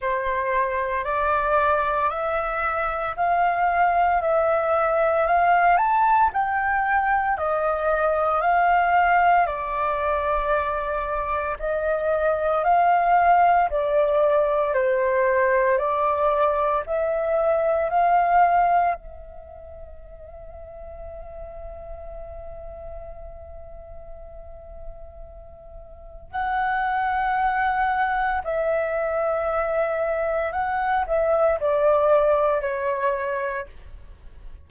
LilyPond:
\new Staff \with { instrumentName = "flute" } { \time 4/4 \tempo 4 = 57 c''4 d''4 e''4 f''4 | e''4 f''8 a''8 g''4 dis''4 | f''4 d''2 dis''4 | f''4 d''4 c''4 d''4 |
e''4 f''4 e''2~ | e''1~ | e''4 fis''2 e''4~ | e''4 fis''8 e''8 d''4 cis''4 | }